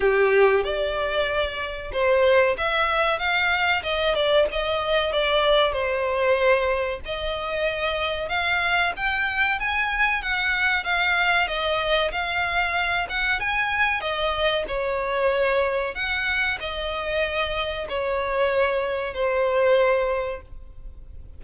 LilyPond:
\new Staff \with { instrumentName = "violin" } { \time 4/4 \tempo 4 = 94 g'4 d''2 c''4 | e''4 f''4 dis''8 d''8 dis''4 | d''4 c''2 dis''4~ | dis''4 f''4 g''4 gis''4 |
fis''4 f''4 dis''4 f''4~ | f''8 fis''8 gis''4 dis''4 cis''4~ | cis''4 fis''4 dis''2 | cis''2 c''2 | }